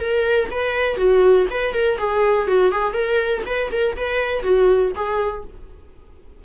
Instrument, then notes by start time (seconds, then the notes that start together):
viola
0.00 A#4
0.51 B4
0.97 F#4
1.50 B4
1.73 A#4
1.98 G#4
2.47 F#4
2.72 G#4
2.93 A#4
3.46 B4
3.71 A#4
3.97 B4
4.43 F#4
4.95 G#4